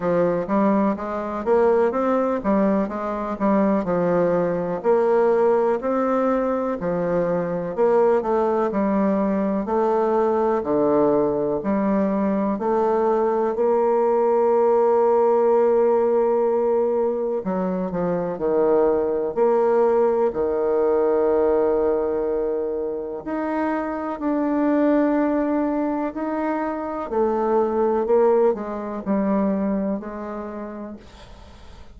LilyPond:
\new Staff \with { instrumentName = "bassoon" } { \time 4/4 \tempo 4 = 62 f8 g8 gis8 ais8 c'8 g8 gis8 g8 | f4 ais4 c'4 f4 | ais8 a8 g4 a4 d4 | g4 a4 ais2~ |
ais2 fis8 f8 dis4 | ais4 dis2. | dis'4 d'2 dis'4 | a4 ais8 gis8 g4 gis4 | }